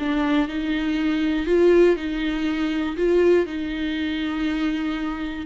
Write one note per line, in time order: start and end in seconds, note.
0.00 0.49 D4
0.49 1.46 D#4
1.46 1.96 F4
1.96 2.97 D#4
2.97 3.47 F4
3.47 5.47 D#4